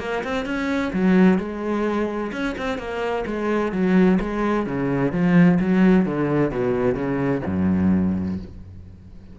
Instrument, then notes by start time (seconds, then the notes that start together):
cello
0.00 A#3
0.24 C4
0.46 C#4
0.93 F#3
1.39 G#3
2.33 C#4
2.58 C4
2.79 A#3
3.27 G#3
3.73 F#3
4.21 G#3
4.67 C#3
5.13 F3
5.60 F#3
6.06 D3
6.51 B2
6.95 C#3
7.46 F#2